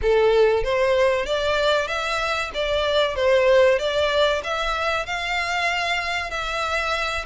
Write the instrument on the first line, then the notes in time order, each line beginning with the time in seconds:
violin
0.02 A4
0.63 C5
1.25 D5
1.87 E5
2.54 D5
3.15 C5
3.78 D5
4.43 E5
5.06 F5
6.30 E5